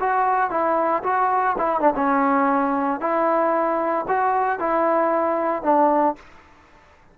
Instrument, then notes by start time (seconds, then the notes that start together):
trombone
0.00 F#4
0.50 E4
1.04 F#4
1.58 E4
1.81 D4
1.95 C#4
3.00 E4
4.08 F#4
4.59 E4
5.63 D4